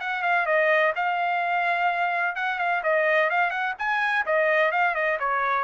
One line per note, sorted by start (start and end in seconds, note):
0.00 0.23 F#5
0.23 0.46 F5
0.46 0.93 D#5
0.96 2.36 F5
2.36 2.59 F#5
2.59 2.83 F5
2.83 3.30 D#5
3.30 3.51 F5
3.51 3.74 F#5
3.79 4.26 G#5
4.26 4.72 D#5
4.72 4.95 F5
4.95 5.19 D#5
5.20 5.64 C#5